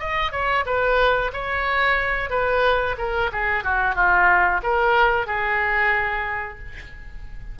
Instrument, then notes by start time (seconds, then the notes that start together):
oboe
0.00 D#5
0.32 C#5
0.66 B4
1.33 C#5
2.30 B4
2.98 A#4
3.33 G#4
3.64 F#4
3.96 F4
4.63 A#4
5.27 G#4